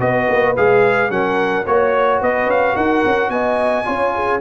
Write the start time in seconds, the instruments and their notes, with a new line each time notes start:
0.00 tuba B3, trombone F#4, horn B4, trumpet D#5
0.29 tuba A#3
0.57 tuba G#3, trombone G#4, trumpet F5
1.10 tuba F#3, trombone C#4, horn A#4, trumpet F#5
1.66 tuba A#3, trombone F#4, trumpet C#5, horn C#5
2.21 tuba B3, horn B4, trumpet D#5
2.46 tuba C#4, trumpet F5
2.76 tuba D#4, horn A#4, trumpet F#5
3.06 tuba C#4
3.29 tuba B3, horn D#5, trumpet G#5
3.85 tuba C#4, trombone F4, horn C#5
4.15 horn G#4